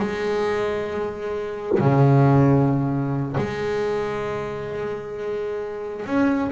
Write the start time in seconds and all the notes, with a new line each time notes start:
0.00 G#3
1.80 C#3
3.38 G#3
6.07 C#4